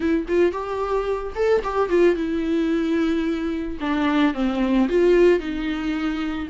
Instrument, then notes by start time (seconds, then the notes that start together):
viola
0.00 E4
0.28 F4
0.52 G4
1.35 A4
1.63 G4
1.89 F4
2.15 E4
3.80 D4
4.34 C4
4.88 F4
5.39 D#4